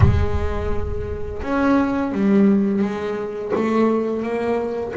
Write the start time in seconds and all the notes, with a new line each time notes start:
0.00 G#3
1.41 C#4
2.11 G3
2.81 G#3
3.55 A3
4.22 A#3